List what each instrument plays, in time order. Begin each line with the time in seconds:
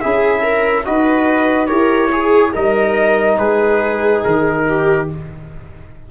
0.00 tuba C#4, trombone E4, viola G#4, trumpet E5
0.42 viola A#4
0.85 tuba D#4, trombone F#4, viola B4, trumpet D#5
1.67 tuba E4, trombone G4, viola A#4, trumpet C#5
2.12 viola G#4, trombone G#4
2.53 tuba G3, trombone D#4, viola A#4, trumpet D#5
3.38 tuba G#3, viola G#4, trumpet B4
4.24 tuba D#3, trumpet A#4
4.68 viola G4